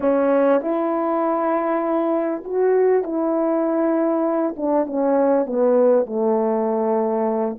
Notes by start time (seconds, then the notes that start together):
0.00 C#4
0.61 E4
2.44 F#4
3.03 E4
4.56 D4
4.86 C#4
5.45 B3
6.06 A3